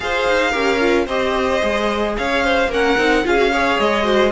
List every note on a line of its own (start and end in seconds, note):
0.00 0.27 F4
0.00 0.52 G#4
0.00 0.50 C5
0.00 1.07 F5
0.28 0.54 D#4
0.50 1.06 C#4
0.50 0.79 G4
0.50 1.04 A#4
0.80 1.07 F4
1.06 1.60 C4
1.06 1.60 G4
1.06 2.14 C5
1.06 2.16 D#5
1.60 2.16 G#3
1.60 2.68 G#4
2.17 2.68 C#4
2.17 2.44 C#5
2.17 2.71 F5
2.44 2.69 C5
2.68 2.95 A#3
2.68 2.97 C#4
2.68 3.23 A#4
2.68 3.26 F#5
2.97 3.24 C4
2.97 3.24 D#4
3.24 3.79 C#4
3.24 3.36 F4
3.24 3.51 G#4
3.24 3.79 F5
3.36 3.50 F#4
3.51 4.03 G#4
3.51 4.04 C#5
3.79 4.31 G#3
3.79 4.31 D#5
4.03 4.30 F#4
4.03 4.31 C5